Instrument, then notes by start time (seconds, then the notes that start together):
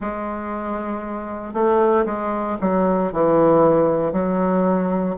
bassoon
0.00 G#3
1.53 A3
2.05 G#3
2.61 F#3
3.12 E3
4.12 F#3